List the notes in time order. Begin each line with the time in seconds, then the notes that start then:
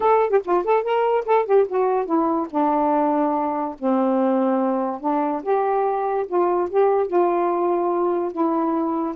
0.00 A4
0.29 G4
0.45 F4
0.64 A4
0.83 A#4
1.25 A4
1.45 G4
1.68 F#4
2.05 E4
2.50 D4
3.79 C4
5.00 D4
5.42 G4
6.27 F4
6.70 G4
7.07 F4
8.32 E4